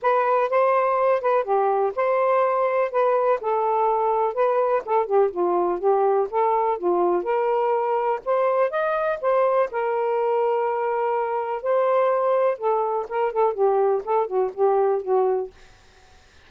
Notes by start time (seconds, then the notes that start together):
0.02 B4
0.49 C5
1.21 B4
1.43 G4
1.95 C5
2.91 B4
3.40 A4
4.34 B4
4.85 A4
5.06 G4
5.30 F4
5.79 G4
6.30 A4
6.78 F4
7.23 A#4
8.25 C5
8.70 D#5
9.21 C5
9.71 A#4
11.62 C5
12.57 A4
13.08 A#4
13.32 A4
13.53 G4
14.04 A4
14.26 F#4
14.53 G4
15.02 F#4